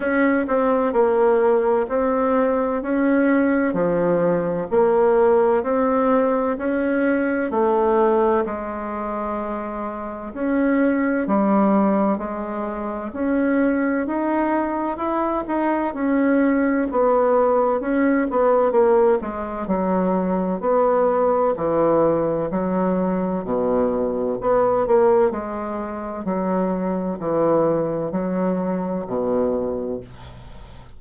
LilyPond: \new Staff \with { instrumentName = "bassoon" } { \time 4/4 \tempo 4 = 64 cis'8 c'8 ais4 c'4 cis'4 | f4 ais4 c'4 cis'4 | a4 gis2 cis'4 | g4 gis4 cis'4 dis'4 |
e'8 dis'8 cis'4 b4 cis'8 b8 | ais8 gis8 fis4 b4 e4 | fis4 b,4 b8 ais8 gis4 | fis4 e4 fis4 b,4 | }